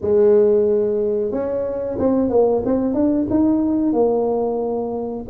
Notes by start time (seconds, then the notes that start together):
0.01 G#3
1.31 C#4
1.98 C4
2.29 A#3
2.65 C4
2.93 D4
3.30 D#4
3.93 A#3